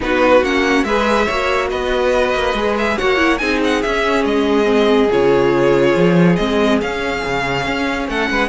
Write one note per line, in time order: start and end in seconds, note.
0.00 0.42 B3
0.00 0.42 D#4
0.00 0.87 F#4
0.00 0.44 B4
0.42 0.84 A#3
0.42 0.86 C#4
0.42 0.84 F#5
0.84 1.26 G#3
0.84 1.28 G#4
0.84 1.25 B4
0.84 1.69 E5
1.25 1.72 A#3
1.25 2.56 F#4
1.25 1.68 C#5
1.70 2.34 B3
1.70 2.98 B4
1.70 2.76 D#5
2.34 2.53 A#3
2.53 2.96 G#3
2.53 2.97 G#4
2.78 2.98 E5
2.97 3.41 A#3
2.97 3.16 F#4
2.97 3.40 C#5
2.97 3.38 F#5
3.16 3.38 E4
3.38 3.83 C4
3.38 3.83 D#4
3.38 8.08 G#4
3.38 3.59 G#5
3.64 3.82 F#5
3.82 4.24 C#4
3.82 4.64 C#4
3.82 4.24 E5
4.24 5.09 G#3
4.24 5.10 D#5
4.64 5.06 C4
5.11 5.95 C#3
5.11 6.37 F4
5.11 6.35 C#5
5.95 6.37 F3
6.35 6.81 G#3
6.35 6.80 C4
6.35 6.78 D#5
6.81 7.24 C#4
6.81 8.48 C#4
6.81 8.09 F5
7.25 7.66 C#3
7.66 8.08 C#4
8.08 8.29 A3
8.08 8.30 A4
8.08 8.48 F#5
8.30 8.48 G#3
8.30 8.48 B4